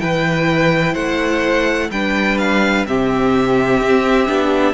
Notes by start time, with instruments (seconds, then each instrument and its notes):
0.00 cello E3, viola E4, violin B4 G5
0.92 cello A3, violin C5 F#5
1.90 cello G3, viola D4, violin B4 G5
2.38 violin F5
2.86 cello C3, viola C4, violin G4 E5
3.81 cello C4
4.27 cello B3, viola D4